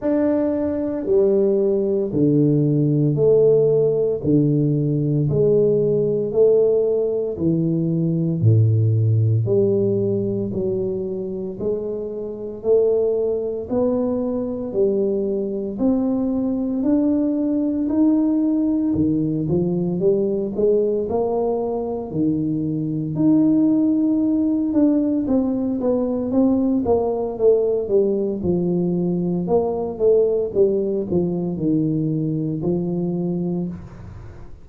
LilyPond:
\new Staff \with { instrumentName = "tuba" } { \time 4/4 \tempo 4 = 57 d'4 g4 d4 a4 | d4 gis4 a4 e4 | a,4 g4 fis4 gis4 | a4 b4 g4 c'4 |
d'4 dis'4 dis8 f8 g8 gis8 | ais4 dis4 dis'4. d'8 | c'8 b8 c'8 ais8 a8 g8 f4 | ais8 a8 g8 f8 dis4 f4 | }